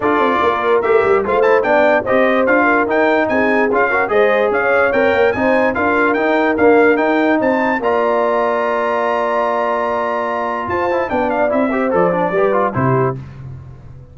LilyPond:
<<
  \new Staff \with { instrumentName = "trumpet" } { \time 4/4 \tempo 4 = 146 d''2 e''4 f''8 a''8 | g''4 dis''4 f''4 g''4 | gis''4 f''4 dis''4 f''4 | g''4 gis''4 f''4 g''4 |
f''4 g''4 a''4 ais''4~ | ais''1~ | ais''2 a''4 g''8 f''8 | e''4 d''2 c''4 | }
  \new Staff \with { instrumentName = "horn" } { \time 4/4 a'4 ais'2 c''4 | d''4 c''4. ais'4. | gis'4. ais'8 c''4 cis''4~ | cis''4 c''4 ais'2~ |
ais'2 c''4 d''4~ | d''1~ | d''2 c''4 d''4~ | d''8 c''4. b'4 g'4 | }
  \new Staff \with { instrumentName = "trombone" } { \time 4/4 f'2 g'4 f'8 e'8 | d'4 g'4 f'4 dis'4~ | dis'4 f'8 fis'8 gis'2 | ais'4 dis'4 f'4 dis'4 |
ais4 dis'2 f'4~ | f'1~ | f'2~ f'8 e'8 d'4 | e'8 g'8 a'8 d'8 g'8 f'8 e'4 | }
  \new Staff \with { instrumentName = "tuba" } { \time 4/4 d'8 c'8 ais4 a8 g8 a4 | b4 c'4 d'4 dis'4 | c'4 cis'4 gis4 cis'4 | c'8 ais8 c'4 d'4 dis'4 |
d'4 dis'4 c'4 ais4~ | ais1~ | ais2 f'4 b4 | c'4 f4 g4 c4 | }
>>